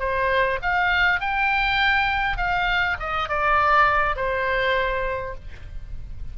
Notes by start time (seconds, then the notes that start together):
0.00 C5
0.62 F5
1.21 G5
2.38 F5
3.00 D#5
3.29 D5
4.16 C5